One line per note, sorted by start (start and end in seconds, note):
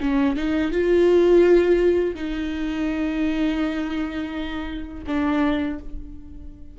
0.00 0.36 C#4
0.36 0.72 D#4
0.72 2.15 F4
2.15 5.04 D#4
5.07 5.79 D4